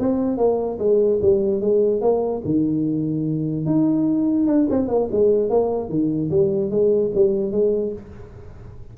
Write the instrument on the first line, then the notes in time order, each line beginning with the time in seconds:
tuba
0.00 C4
0.38 A#3
0.79 G#3
1.22 G3
1.61 G#3
2.01 A#3
2.45 D#3
3.66 D#4
4.47 D4
4.70 C4
4.88 A#3
5.12 G#3
5.50 A#3
5.89 D#3
6.31 G3
6.71 G#3
7.15 G3
7.52 G#3